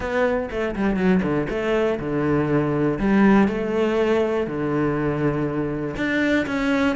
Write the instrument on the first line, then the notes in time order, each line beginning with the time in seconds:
cello
0.00 B3
0.50 A3
0.75 G3
0.96 F#3
1.22 D3
1.49 A3
1.99 D3
2.99 G3
3.48 A3
4.46 D3
5.96 D4
6.46 C#4